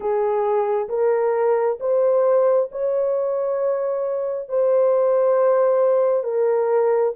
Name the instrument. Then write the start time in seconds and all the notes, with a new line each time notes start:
horn
0.00 G#4
0.88 A#4
1.80 C5
2.71 C#5
4.49 C5
6.23 A#4